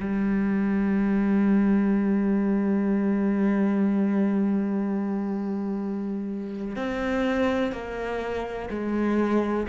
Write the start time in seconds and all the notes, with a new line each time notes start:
0.00 G3
6.76 C4
7.72 A#3
8.71 G#3